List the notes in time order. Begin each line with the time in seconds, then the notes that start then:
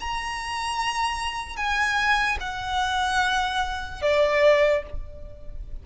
0.00 A#5
1.57 G#5
2.40 F#5
4.02 D5